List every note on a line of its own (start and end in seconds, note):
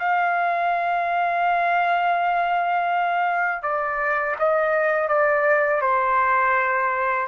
0.00 3.63 F5
3.63 4.36 D5
4.40 5.09 D#5
5.09 5.82 D5
5.82 7.28 C5